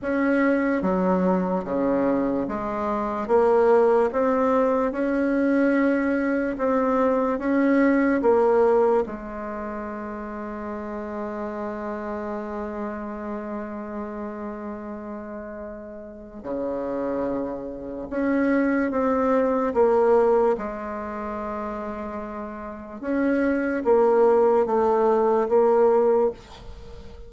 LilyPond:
\new Staff \with { instrumentName = "bassoon" } { \time 4/4 \tempo 4 = 73 cis'4 fis4 cis4 gis4 | ais4 c'4 cis'2 | c'4 cis'4 ais4 gis4~ | gis1~ |
gis1 | cis2 cis'4 c'4 | ais4 gis2. | cis'4 ais4 a4 ais4 | }